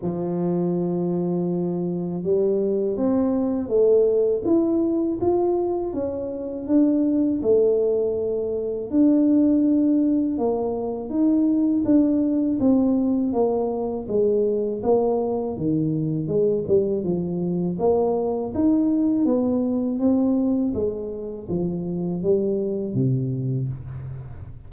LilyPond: \new Staff \with { instrumentName = "tuba" } { \time 4/4 \tempo 4 = 81 f2. g4 | c'4 a4 e'4 f'4 | cis'4 d'4 a2 | d'2 ais4 dis'4 |
d'4 c'4 ais4 gis4 | ais4 dis4 gis8 g8 f4 | ais4 dis'4 b4 c'4 | gis4 f4 g4 c4 | }